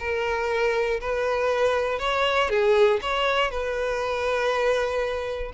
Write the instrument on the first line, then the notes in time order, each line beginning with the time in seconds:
violin
0.00 A#4
1.01 B4
2.00 C#5
2.50 G#4
3.02 C#5
3.51 B4